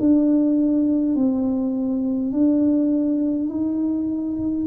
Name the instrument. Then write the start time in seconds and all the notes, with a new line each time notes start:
tuba
0.00 D4
1.15 C4
2.32 D4
3.49 D#4